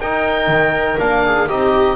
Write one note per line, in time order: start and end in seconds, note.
0.00 0.48 D#4
0.00 0.98 D#4
0.00 1.24 A#4
0.00 0.99 G5
0.48 0.97 D#3
0.98 1.50 A#3
0.98 1.48 D4
0.98 1.49 F5
1.25 1.48 G#4
1.48 1.96 C4
1.48 1.96 D#4
1.48 1.96 G4
1.48 1.96 D#5